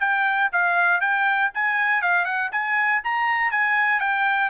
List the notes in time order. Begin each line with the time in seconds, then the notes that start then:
0.00 G5
0.52 F5
1.01 G5
1.55 G#5
2.02 F5
2.25 F#5
2.52 G#5
3.04 A#5
3.51 G#5
4.00 G5